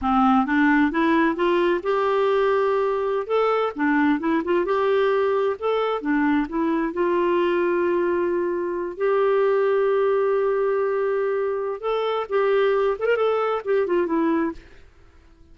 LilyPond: \new Staff \with { instrumentName = "clarinet" } { \time 4/4 \tempo 4 = 132 c'4 d'4 e'4 f'4 | g'2.~ g'16 a'8.~ | a'16 d'4 e'8 f'8 g'4.~ g'16~ | g'16 a'4 d'4 e'4 f'8.~ |
f'2.~ f'8. g'16~ | g'1~ | g'2 a'4 g'4~ | g'8 a'16 ais'16 a'4 g'8 f'8 e'4 | }